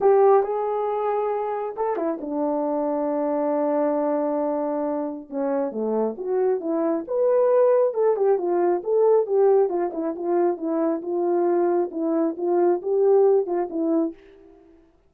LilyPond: \new Staff \with { instrumentName = "horn" } { \time 4/4 \tempo 4 = 136 g'4 gis'2. | a'8 e'8 d'2.~ | d'1 | cis'4 a4 fis'4 e'4 |
b'2 a'8 g'8 f'4 | a'4 g'4 f'8 e'8 f'4 | e'4 f'2 e'4 | f'4 g'4. f'8 e'4 | }